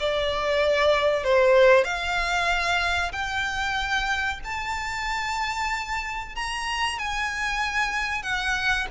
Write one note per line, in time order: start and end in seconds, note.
0.00 1.24 D5
1.24 1.84 C5
1.84 3.12 F5
3.12 4.40 G5
4.44 6.35 A5
6.35 6.99 A#5
6.99 8.23 G#5
8.23 8.87 F#5